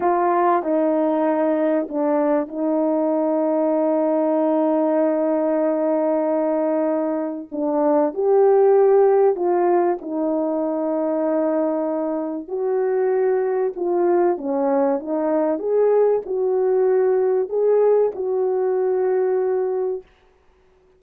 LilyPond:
\new Staff \with { instrumentName = "horn" } { \time 4/4 \tempo 4 = 96 f'4 dis'2 d'4 | dis'1~ | dis'1 | d'4 g'2 f'4 |
dis'1 | fis'2 f'4 cis'4 | dis'4 gis'4 fis'2 | gis'4 fis'2. | }